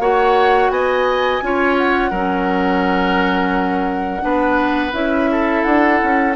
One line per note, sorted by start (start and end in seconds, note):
0.00 0.70 A#3
0.00 1.42 F#4
0.00 0.72 C#5
0.00 0.71 F#5
0.70 1.41 B3
0.70 1.43 D#5
0.70 1.77 G#5
1.42 2.11 C#4
1.42 2.13 F4
1.42 2.11 C#5
1.78 4.94 F#5
2.11 4.23 F#3
2.11 4.21 C#4
2.11 4.22 A#4
4.21 4.94 B3
4.21 4.92 D4
4.21 5.30 B4
4.94 5.64 C#4
4.94 6.35 E4
4.94 5.64 E5
5.32 6.37 A4
5.64 6.01 D4
5.64 6.34 F#5
6.04 6.37 C#4